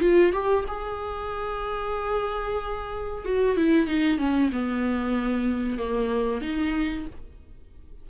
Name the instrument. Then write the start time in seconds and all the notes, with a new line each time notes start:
viola
0.00 F4
0.32 G4
0.67 G#4
3.25 F#4
3.56 E4
3.87 D#4
4.18 C#4
4.52 B3
5.78 A#3
6.41 D#4